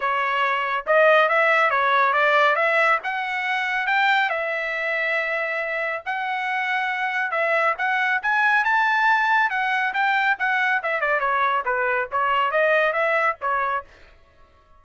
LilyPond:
\new Staff \with { instrumentName = "trumpet" } { \time 4/4 \tempo 4 = 139 cis''2 dis''4 e''4 | cis''4 d''4 e''4 fis''4~ | fis''4 g''4 e''2~ | e''2 fis''2~ |
fis''4 e''4 fis''4 gis''4 | a''2 fis''4 g''4 | fis''4 e''8 d''8 cis''4 b'4 | cis''4 dis''4 e''4 cis''4 | }